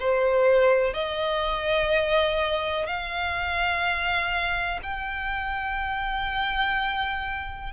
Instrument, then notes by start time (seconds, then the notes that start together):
violin
0.00 C5
0.94 D#5
2.87 F5
4.83 G5